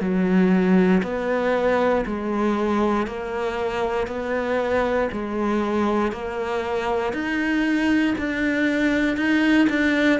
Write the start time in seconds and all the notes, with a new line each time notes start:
0.00 F#3
1.03 B3
2.06 G#3
3.06 A#3
4.07 B3
5.12 G#3
6.12 A#3
7.13 D#4
8.18 D4
9.17 D#4
9.69 D4